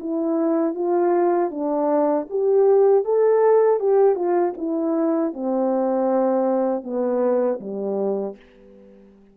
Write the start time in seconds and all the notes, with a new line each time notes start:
0.00 E4
0.75 F4
1.51 D4
2.30 G4
3.05 A4
3.80 G4
4.15 F4
4.57 E4
5.33 C4
6.84 B3
7.60 G3